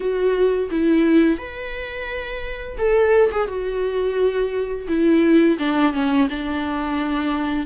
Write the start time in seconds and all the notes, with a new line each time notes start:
0.00 F#4
0.70 E4
1.38 B4
2.77 A4
3.31 G#4
3.47 F#4
4.87 E4
5.58 D4
5.93 C#4
6.29 D4